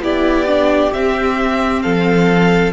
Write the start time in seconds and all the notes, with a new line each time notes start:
0.00 B3 E4 G4 D5
0.47 D4
0.93 C4 E5
1.82 F3 A4 F5